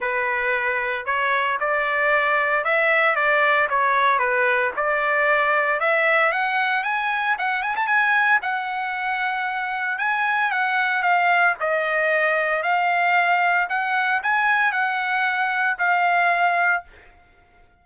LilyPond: \new Staff \with { instrumentName = "trumpet" } { \time 4/4 \tempo 4 = 114 b'2 cis''4 d''4~ | d''4 e''4 d''4 cis''4 | b'4 d''2 e''4 | fis''4 gis''4 fis''8 gis''16 a''16 gis''4 |
fis''2. gis''4 | fis''4 f''4 dis''2 | f''2 fis''4 gis''4 | fis''2 f''2 | }